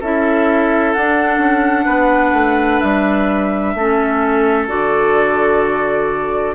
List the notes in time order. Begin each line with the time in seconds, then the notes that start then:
0.00 C#4 E4 A4 E5
0.93 D4 F#5
1.38 C#4
1.85 B3 B4
2.33 A3
2.80 G3 E5
3.75 A3 C#4 A4
4.68 D3 F#4 D5